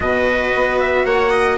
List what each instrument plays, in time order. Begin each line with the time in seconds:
0.00 bassoon B2, cello F#4, viola B4, trumpet D#5
0.54 bassoon B3
0.79 trumpet E5
1.05 bassoon A#3, viola C#5, trumpet F#5
1.30 viola D#5